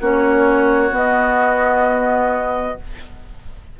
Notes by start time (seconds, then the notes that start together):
0.00 A#3 C#4 F#4 C#5
0.91 B3 D#5